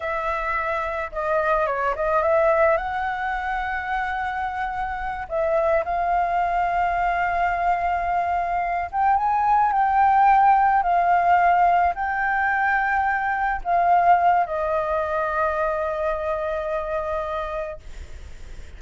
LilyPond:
\new Staff \with { instrumentName = "flute" } { \time 4/4 \tempo 4 = 108 e''2 dis''4 cis''8 dis''8 | e''4 fis''2.~ | fis''4. e''4 f''4.~ | f''1 |
g''8 gis''4 g''2 f''8~ | f''4. g''2~ g''8~ | g''8 f''4. dis''2~ | dis''1 | }